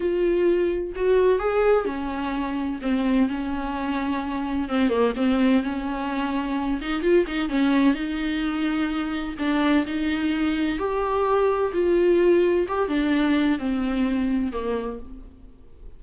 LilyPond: \new Staff \with { instrumentName = "viola" } { \time 4/4 \tempo 4 = 128 f'2 fis'4 gis'4 | cis'2 c'4 cis'4~ | cis'2 c'8 ais8 c'4 | cis'2~ cis'8 dis'8 f'8 dis'8 |
cis'4 dis'2. | d'4 dis'2 g'4~ | g'4 f'2 g'8 d'8~ | d'4 c'2 ais4 | }